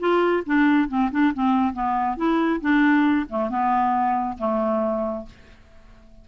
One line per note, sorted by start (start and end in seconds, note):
0.00 0.44 F4
0.46 0.89 D4
0.89 1.11 C4
1.11 1.33 D4
1.34 1.74 C4
1.74 2.17 B3
2.17 2.61 E4
2.61 3.27 D4
3.29 3.50 A3
3.50 4.38 B3
4.38 5.26 A3